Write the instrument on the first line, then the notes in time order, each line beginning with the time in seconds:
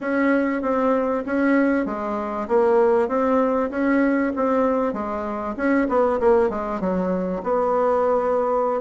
bassoon
0.01 C#4
0.62 C4
1.26 C#4
1.85 G#3
2.48 A#3
3.08 C4
3.70 C#4
4.36 C4
4.93 G#3
5.56 C#4
5.88 B3
6.20 A#3
6.49 G#3
6.80 F#3
7.43 B3